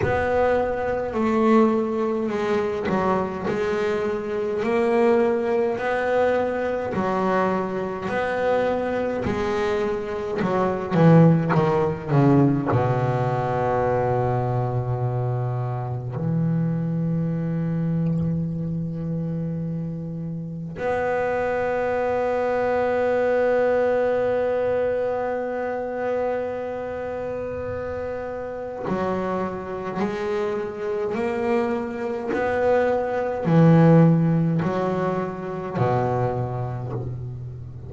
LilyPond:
\new Staff \with { instrumentName = "double bass" } { \time 4/4 \tempo 4 = 52 b4 a4 gis8 fis8 gis4 | ais4 b4 fis4 b4 | gis4 fis8 e8 dis8 cis8 b,4~ | b,2 e2~ |
e2 b2~ | b1~ | b4 fis4 gis4 ais4 | b4 e4 fis4 b,4 | }